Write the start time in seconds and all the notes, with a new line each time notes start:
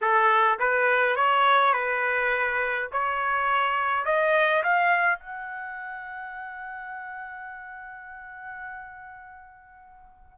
0.01 A4
0.59 B4
1.16 C#5
1.73 B4
2.92 C#5
4.05 D#5
4.63 F5
5.19 F#5